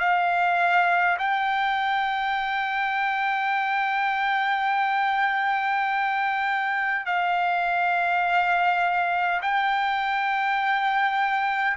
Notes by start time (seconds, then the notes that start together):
0.00 F5
1.19 G5
7.06 F5
9.42 G5